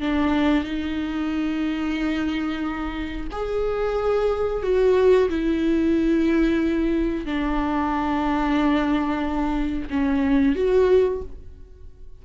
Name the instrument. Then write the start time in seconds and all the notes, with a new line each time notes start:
viola
0.00 D4
0.64 D#4
3.31 G#4
4.63 F#4
5.29 E4
7.25 D4
9.90 C#4
10.55 F#4